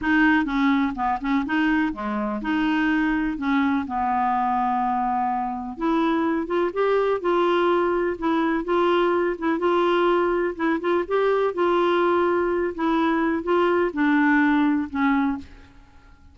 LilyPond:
\new Staff \with { instrumentName = "clarinet" } { \time 4/4 \tempo 4 = 125 dis'4 cis'4 b8 cis'8 dis'4 | gis4 dis'2 cis'4 | b1 | e'4. f'8 g'4 f'4~ |
f'4 e'4 f'4. e'8 | f'2 e'8 f'8 g'4 | f'2~ f'8 e'4. | f'4 d'2 cis'4 | }